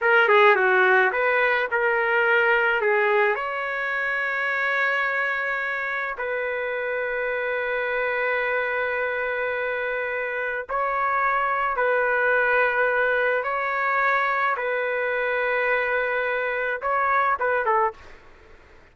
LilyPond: \new Staff \with { instrumentName = "trumpet" } { \time 4/4 \tempo 4 = 107 ais'8 gis'8 fis'4 b'4 ais'4~ | ais'4 gis'4 cis''2~ | cis''2. b'4~ | b'1~ |
b'2. cis''4~ | cis''4 b'2. | cis''2 b'2~ | b'2 cis''4 b'8 a'8 | }